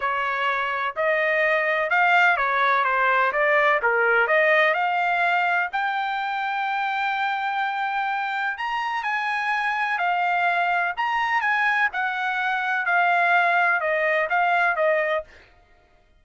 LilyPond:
\new Staff \with { instrumentName = "trumpet" } { \time 4/4 \tempo 4 = 126 cis''2 dis''2 | f''4 cis''4 c''4 d''4 | ais'4 dis''4 f''2 | g''1~ |
g''2 ais''4 gis''4~ | gis''4 f''2 ais''4 | gis''4 fis''2 f''4~ | f''4 dis''4 f''4 dis''4 | }